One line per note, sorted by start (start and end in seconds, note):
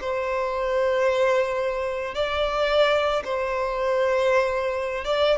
0.00 2.14 C5
2.14 3.23 D5
3.24 5.04 C5
5.04 5.38 D5